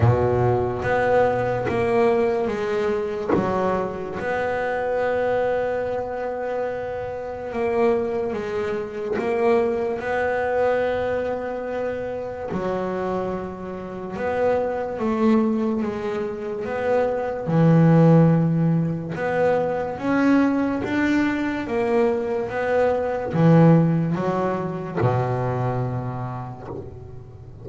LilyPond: \new Staff \with { instrumentName = "double bass" } { \time 4/4 \tempo 4 = 72 b,4 b4 ais4 gis4 | fis4 b2.~ | b4 ais4 gis4 ais4 | b2. fis4~ |
fis4 b4 a4 gis4 | b4 e2 b4 | cis'4 d'4 ais4 b4 | e4 fis4 b,2 | }